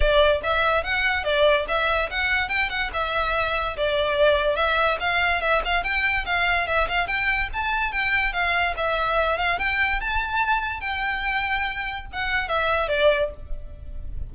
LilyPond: \new Staff \with { instrumentName = "violin" } { \time 4/4 \tempo 4 = 144 d''4 e''4 fis''4 d''4 | e''4 fis''4 g''8 fis''8 e''4~ | e''4 d''2 e''4 | f''4 e''8 f''8 g''4 f''4 |
e''8 f''8 g''4 a''4 g''4 | f''4 e''4. f''8 g''4 | a''2 g''2~ | g''4 fis''4 e''4 d''4 | }